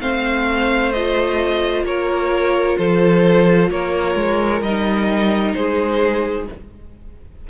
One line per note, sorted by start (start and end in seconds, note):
0.00 1.84 A3
0.00 0.93 C4
0.00 1.86 C5
0.00 0.92 F5
0.92 4.65 F4
0.92 1.84 D#5
1.84 2.76 A#3
1.84 2.78 A#4
1.84 2.77 C#5
2.77 3.70 F3
2.77 3.70 A4
2.77 3.70 C5
3.70 4.15 A#3
3.70 5.56 A#4
3.70 4.62 C#5
4.15 4.61 G#3
4.61 5.53 G3
4.61 6.50 D#4
4.61 5.54 D#5
5.54 6.48 G#3
5.54 6.48 G#4
5.54 6.47 C5